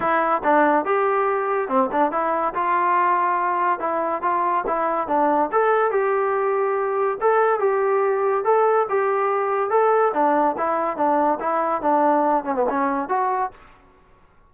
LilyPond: \new Staff \with { instrumentName = "trombone" } { \time 4/4 \tempo 4 = 142 e'4 d'4 g'2 | c'8 d'8 e'4 f'2~ | f'4 e'4 f'4 e'4 | d'4 a'4 g'2~ |
g'4 a'4 g'2 | a'4 g'2 a'4 | d'4 e'4 d'4 e'4 | d'4. cis'16 b16 cis'4 fis'4 | }